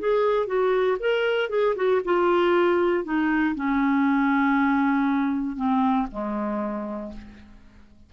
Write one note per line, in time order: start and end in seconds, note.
0.00 0.47 G#4
0.47 0.98 F#4
1.00 1.50 A#4
1.50 1.75 G#4
1.76 2.02 F#4
2.05 3.05 F4
3.05 3.55 D#4
3.56 5.57 C#4
5.57 6.07 C4
6.11 7.13 G#3